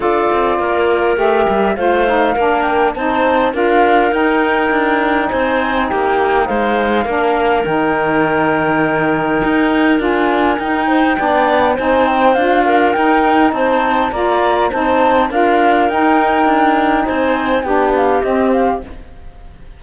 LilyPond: <<
  \new Staff \with { instrumentName = "flute" } { \time 4/4 \tempo 4 = 102 d''2 e''4 f''4~ | f''8 g''8 a''4 f''4 g''4~ | g''4 gis''4 g''4 f''4~ | f''4 g''2.~ |
g''4 gis''4 g''2 | gis''8 g''8 f''4 g''4 a''4 | ais''4 a''4 f''4 g''4~ | g''4 gis''4 g''8 f''8 dis''8 f''8 | }
  \new Staff \with { instrumentName = "clarinet" } { \time 4/4 a'4 ais'2 c''4 | ais'4 c''4 ais'2~ | ais'4 c''4 g'4 c''4 | ais'1~ |
ais'2~ ais'8 c''8 d''4 | c''4. ais'4. c''4 | d''4 c''4 ais'2~ | ais'4 c''4 g'2 | }
  \new Staff \with { instrumentName = "saxophone" } { \time 4/4 f'2 g'4 f'8 dis'8 | d'4 dis'4 f'4 dis'4~ | dis'1 | d'4 dis'2.~ |
dis'4 f'4 dis'4 d'4 | dis'4 f'4 dis'2 | f'4 dis'4 f'4 dis'4~ | dis'2 d'4 c'4 | }
  \new Staff \with { instrumentName = "cello" } { \time 4/4 d'8 c'8 ais4 a8 g8 a4 | ais4 c'4 d'4 dis'4 | d'4 c'4 ais4 gis4 | ais4 dis2. |
dis'4 d'4 dis'4 b4 | c'4 d'4 dis'4 c'4 | ais4 c'4 d'4 dis'4 | d'4 c'4 b4 c'4 | }
>>